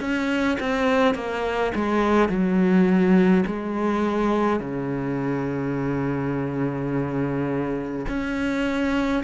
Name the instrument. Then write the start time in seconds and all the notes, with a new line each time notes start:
cello
0.00 C#4
0.60 C4
1.15 A#3
1.75 G#3
2.29 F#3
3.46 G#3
4.60 C#3
8.08 C#4